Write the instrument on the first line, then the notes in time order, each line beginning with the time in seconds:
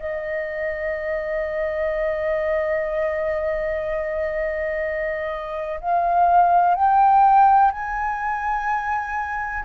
flute
0.00 D#5
5.81 F5
6.75 G5
7.72 G#5